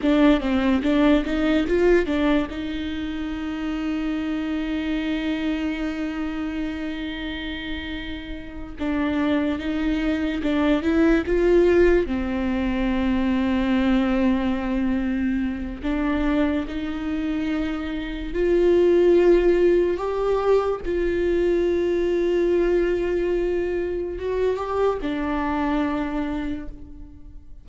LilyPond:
\new Staff \with { instrumentName = "viola" } { \time 4/4 \tempo 4 = 72 d'8 c'8 d'8 dis'8 f'8 d'8 dis'4~ | dis'1~ | dis'2~ dis'8 d'4 dis'8~ | dis'8 d'8 e'8 f'4 c'4.~ |
c'2. d'4 | dis'2 f'2 | g'4 f'2.~ | f'4 fis'8 g'8 d'2 | }